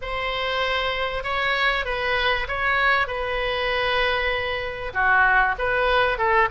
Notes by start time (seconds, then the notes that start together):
0.01 C5
1.23 C#5
1.85 B4
2.47 C#5
3.07 B4
4.93 F#4
5.58 B4
6.17 A4